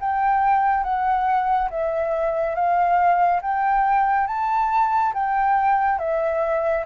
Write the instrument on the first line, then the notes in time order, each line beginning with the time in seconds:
flute
0.00 G5
0.83 F#5
1.70 E5
2.55 F5
3.41 G5
4.27 A5
5.14 G5
5.98 E5